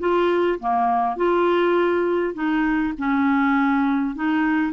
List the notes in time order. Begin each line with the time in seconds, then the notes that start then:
0.00 F4
0.60 A#3
1.17 F4
2.34 D#4
2.99 C#4
4.16 D#4